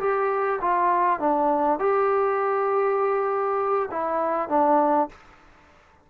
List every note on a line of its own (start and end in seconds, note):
0.00 0.60 G4
0.61 1.20 F4
1.20 1.79 D4
1.79 3.89 G4
3.91 4.49 E4
4.49 5.09 D4